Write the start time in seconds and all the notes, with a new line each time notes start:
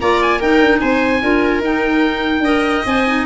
0.00 A#3 F4 D5 A#5
0.22 G#5
0.39 D#4 A#4 G5
0.60 D4
0.80 C4 C5 G#5
1.22 D4 F4 A#4
1.60 D#4 G5
2.40 D4 A#4 D#5
2.86 C4 C5 G#5
3.07 D#4